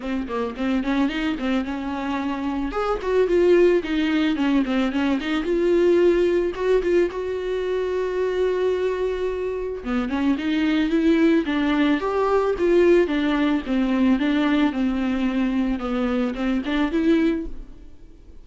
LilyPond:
\new Staff \with { instrumentName = "viola" } { \time 4/4 \tempo 4 = 110 c'8 ais8 c'8 cis'8 dis'8 c'8 cis'4~ | cis'4 gis'8 fis'8 f'4 dis'4 | cis'8 c'8 cis'8 dis'8 f'2 | fis'8 f'8 fis'2.~ |
fis'2 b8 cis'8 dis'4 | e'4 d'4 g'4 f'4 | d'4 c'4 d'4 c'4~ | c'4 b4 c'8 d'8 e'4 | }